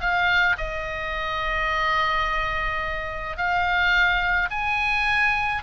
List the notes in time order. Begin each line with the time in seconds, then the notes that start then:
0.00 F5
0.58 D#5
3.37 F5
4.50 G#5